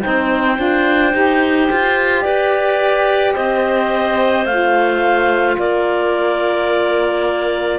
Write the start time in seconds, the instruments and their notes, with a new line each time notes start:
0.00 saxophone D#4, clarinet C5 G5
0.06 cello C4
0.56 cello D4, saxophone F4
1.12 cello D#4, saxophone G4
1.71 cello F4
2.22 cello G4, clarinet B4 D5
3.34 cello C4, clarinet C5 D#5
4.45 cello A3, saxophone F4, clarinet F5
5.58 cello A#3, clarinet A#4 D5